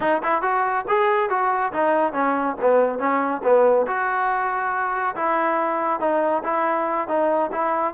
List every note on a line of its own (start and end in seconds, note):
0.00 0.21 D#4
0.23 0.42 E4
0.42 0.85 F#4
0.88 1.29 G#4
1.29 1.72 F#4
1.72 2.13 D#4
2.13 2.55 C#4
2.61 2.98 B3
2.98 3.41 C#4
3.43 3.86 B3
3.86 5.15 F#4
5.15 6.00 E4
6.00 6.43 D#4
6.43 7.08 E4
7.08 7.50 D#4
7.52 7.94 E4